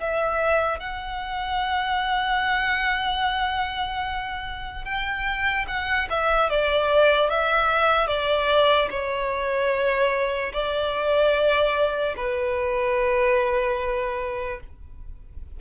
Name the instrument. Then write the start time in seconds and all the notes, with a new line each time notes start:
violin
0.00 E5
0.80 F#5
4.85 G5
5.68 F#5
6.10 E5
6.50 D5
7.29 E5
8.07 D5
8.90 C#5
10.53 D5
12.17 B4